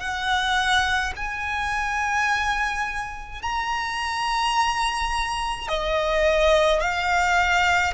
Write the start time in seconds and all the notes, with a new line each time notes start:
0.00 F#5
1.17 G#5
3.43 A#5
5.69 D#5
6.81 F5